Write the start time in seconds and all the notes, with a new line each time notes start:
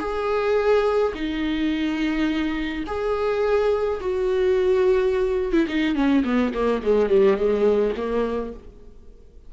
0.00 G#4
1.14 D#4
2.87 G#4
4.01 F#4
5.53 E4
5.68 D#4
5.95 C#4
6.25 B3
6.54 A#3
6.83 G#3
7.10 G3
7.37 G#3
7.97 A#3